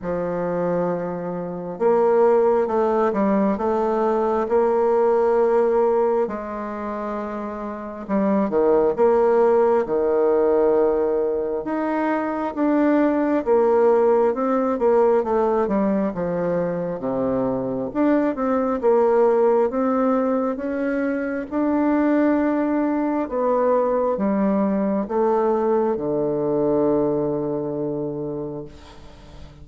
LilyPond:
\new Staff \with { instrumentName = "bassoon" } { \time 4/4 \tempo 4 = 67 f2 ais4 a8 g8 | a4 ais2 gis4~ | gis4 g8 dis8 ais4 dis4~ | dis4 dis'4 d'4 ais4 |
c'8 ais8 a8 g8 f4 c4 | d'8 c'8 ais4 c'4 cis'4 | d'2 b4 g4 | a4 d2. | }